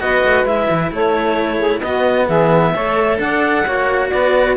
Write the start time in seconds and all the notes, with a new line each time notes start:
0.00 B3 F#4 B4 D#5
0.24 A3
0.45 G#3 E4 E5
0.70 E3
0.91 A3 A4 C#5
1.57 G#4
1.80 B3 F#4 D#5
2.27 E3 G#4 E5
2.74 A3 A4 C#5
3.18 D4 D5 F#5
3.64 A#3 F#4 C#5
4.10 B3 B4 D5